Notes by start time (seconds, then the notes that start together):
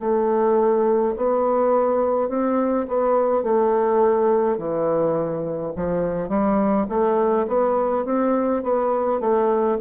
0.00 A3
1.16 B3
2.29 C4
2.88 B3
3.43 A3
4.57 E3
5.76 F3
6.29 G3
6.89 A3
7.48 B3
8.06 C4
8.63 B3
9.20 A3